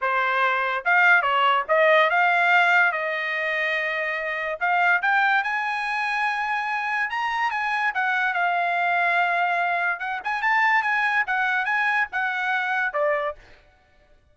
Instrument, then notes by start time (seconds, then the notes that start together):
trumpet
0.01 C5
0.84 F5
1.21 C#5
1.68 D#5
2.09 F5
2.92 D#5
4.59 F5
5.02 G5
5.43 G#5
7.09 A#5
7.50 G#5
7.94 F#5
8.33 F5
9.99 F#5
10.24 G#5
10.41 A5
10.82 G#5
11.27 F#5
11.65 G#5
12.12 F#5
12.93 D5